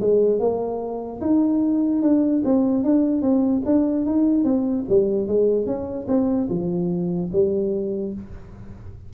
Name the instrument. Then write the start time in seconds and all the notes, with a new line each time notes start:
tuba
0.00 G#3
0.39 A#3
1.21 D#4
2.02 D4
2.44 C4
2.84 D4
3.22 C4
3.65 D4
4.06 D#4
4.44 C4
4.89 G3
5.27 G#3
5.66 C#4
6.07 C4
6.49 F3
7.32 G3